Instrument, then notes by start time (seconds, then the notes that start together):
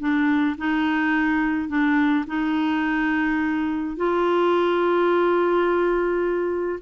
clarinet
0.00 D4
0.58 D#4
1.69 D4
2.27 D#4
3.97 F4